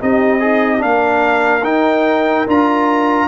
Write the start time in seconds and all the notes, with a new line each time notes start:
0.00 C4 D#4 G4 D#5
0.40 D#4 G#4
0.79 A#3 D4 A#4 F5
1.63 D#4 G5
2.48 D4 F4 A#5